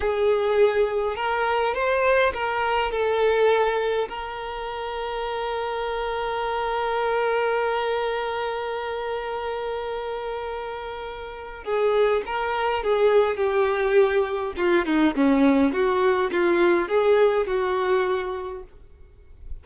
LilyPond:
\new Staff \with { instrumentName = "violin" } { \time 4/4 \tempo 4 = 103 gis'2 ais'4 c''4 | ais'4 a'2 ais'4~ | ais'1~ | ais'1~ |
ais'1 | gis'4 ais'4 gis'4 g'4~ | g'4 f'8 dis'8 cis'4 fis'4 | f'4 gis'4 fis'2 | }